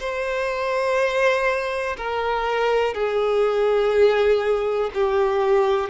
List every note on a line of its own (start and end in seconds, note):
0.00 1.97 C5
1.98 2.94 A#4
2.94 4.91 G#4
4.94 5.90 G4